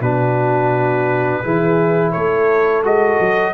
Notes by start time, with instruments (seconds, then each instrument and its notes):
0.00 tuba B2, trombone D4, horn F#4, trumpet B4
1.43 tuba E3, trombone E4, horn G#4
2.12 tuba A3, horn A4, trumpet C#5
2.83 tuba G#3, trombone F#4, trumpet D#5
3.20 tuba F#3